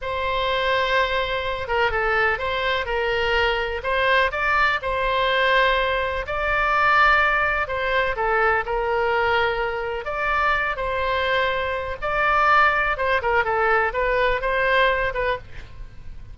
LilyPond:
\new Staff \with { instrumentName = "oboe" } { \time 4/4 \tempo 4 = 125 c''2.~ c''8 ais'8 | a'4 c''4 ais'2 | c''4 d''4 c''2~ | c''4 d''2. |
c''4 a'4 ais'2~ | ais'4 d''4. c''4.~ | c''4 d''2 c''8 ais'8 | a'4 b'4 c''4. b'8 | }